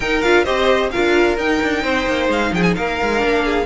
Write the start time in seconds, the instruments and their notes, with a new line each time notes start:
0.00 cello D#4, viola D#4, violin A#4 G5
0.22 cello D4, viola F4, violin F5
0.44 cello C4, viola G4, violin C5 D#5
0.91 cello D4, viola F4, violin A#4 F5
1.37 viola D#4, cello D#4, violin G5
1.62 cello D4
1.83 cello C4, violin C5
2.06 cello A#3
2.28 cello G#3, violin F5
2.52 cello F3, violin G#4 G5
2.62 violin G#5
2.75 cello A#3, violin A#4 F5
3.01 cello G#3
3.17 cello A#3, viola D4
3.44 violin G#4